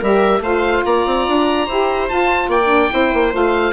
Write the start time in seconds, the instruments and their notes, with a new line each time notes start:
0.00 bassoon G3, saxophone G4, viola A#4, oboe E5
0.41 bassoon A3, saxophone F4, viola C5, oboe F5
0.86 bassoon A#3, viola D5, oboe A#5
1.06 bassoon C4
1.28 bassoon D4
1.66 bassoon E4, saxophone G4, viola C5
2.09 saxophone F4, bassoon F4, oboe A5
2.48 bassoon A#3, viola D5, oboe G5
2.64 saxophone D4
2.91 bassoon C4, saxophone E4, viola C5
3.14 bassoon A#3
3.32 bassoon A3, saxophone F4, oboe F5